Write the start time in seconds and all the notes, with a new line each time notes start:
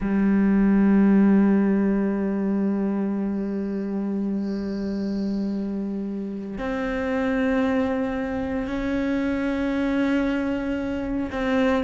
0.00 G3
6.57 C4
8.67 C#4
11.31 C4